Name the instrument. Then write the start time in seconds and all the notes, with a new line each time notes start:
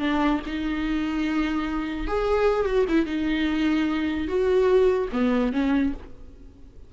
viola
0.00 D4
0.47 D#4
2.08 G#4
2.66 F#4
2.89 E4
3.06 D#4
4.28 F#4
5.13 B3
5.53 C#4